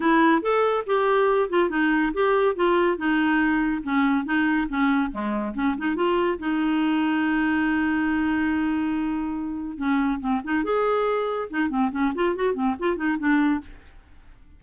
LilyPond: \new Staff \with { instrumentName = "clarinet" } { \time 4/4 \tempo 4 = 141 e'4 a'4 g'4. f'8 | dis'4 g'4 f'4 dis'4~ | dis'4 cis'4 dis'4 cis'4 | gis4 cis'8 dis'8 f'4 dis'4~ |
dis'1~ | dis'2. cis'4 | c'8 dis'8 gis'2 dis'8 c'8 | cis'8 f'8 fis'8 c'8 f'8 dis'8 d'4 | }